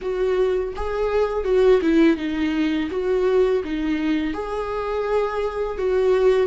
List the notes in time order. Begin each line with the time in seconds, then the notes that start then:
0.01 F#4
0.76 G#4
1.44 F#4
1.81 E4
2.17 D#4
2.90 F#4
3.63 D#4
4.33 G#4
5.78 F#4